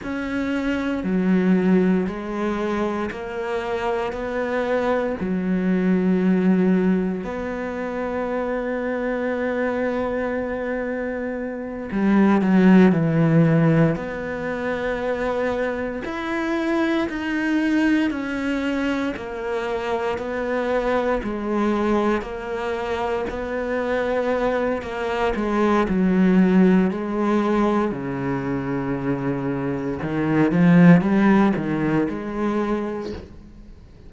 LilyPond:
\new Staff \with { instrumentName = "cello" } { \time 4/4 \tempo 4 = 58 cis'4 fis4 gis4 ais4 | b4 fis2 b4~ | b2.~ b8 g8 | fis8 e4 b2 e'8~ |
e'8 dis'4 cis'4 ais4 b8~ | b8 gis4 ais4 b4. | ais8 gis8 fis4 gis4 cis4~ | cis4 dis8 f8 g8 dis8 gis4 | }